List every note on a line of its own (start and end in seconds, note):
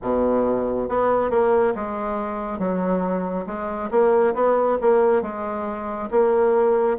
0.02 0.88 B2
0.88 1.30 B3
1.30 1.74 A#3
1.75 2.58 G#3
2.58 3.45 F#3
3.46 3.89 G#3
3.90 4.34 A#3
4.34 4.77 B3
4.81 5.22 A#3
5.22 6.09 G#3
6.10 6.97 A#3